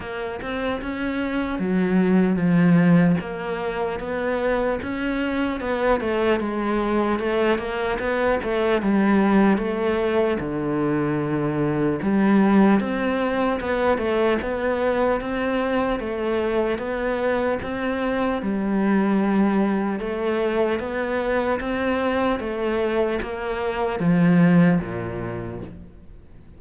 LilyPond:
\new Staff \with { instrumentName = "cello" } { \time 4/4 \tempo 4 = 75 ais8 c'8 cis'4 fis4 f4 | ais4 b4 cis'4 b8 a8 | gis4 a8 ais8 b8 a8 g4 | a4 d2 g4 |
c'4 b8 a8 b4 c'4 | a4 b4 c'4 g4~ | g4 a4 b4 c'4 | a4 ais4 f4 ais,4 | }